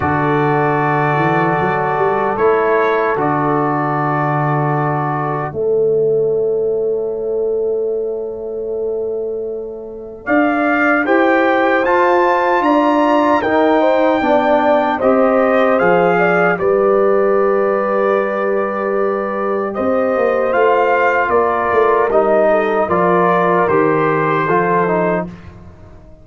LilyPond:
<<
  \new Staff \with { instrumentName = "trumpet" } { \time 4/4 \tempo 4 = 76 d''2. cis''4 | d''2. e''4~ | e''1~ | e''4 f''4 g''4 a''4 |
ais''4 g''2 dis''4 | f''4 d''2.~ | d''4 dis''4 f''4 d''4 | dis''4 d''4 c''2 | }
  \new Staff \with { instrumentName = "horn" } { \time 4/4 a'1~ | a'2. cis''4~ | cis''1~ | cis''4 d''4 c''2 |
d''4 ais'8 c''8 d''4 c''4~ | c''8 d''8 b'2.~ | b'4 c''2 ais'4~ | ais'8 a'8 ais'2 a'4 | }
  \new Staff \with { instrumentName = "trombone" } { \time 4/4 fis'2. e'4 | fis'2. a'4~ | a'1~ | a'2 g'4 f'4~ |
f'4 dis'4 d'4 g'4 | gis'4 g'2.~ | g'2 f'2 | dis'4 f'4 g'4 f'8 dis'8 | }
  \new Staff \with { instrumentName = "tuba" } { \time 4/4 d4. e8 fis8 g8 a4 | d2. a4~ | a1~ | a4 d'4 e'4 f'4 |
d'4 dis'4 b4 c'4 | f4 g2.~ | g4 c'8 ais8 a4 ais8 a8 | g4 f4 dis4 f4 | }
>>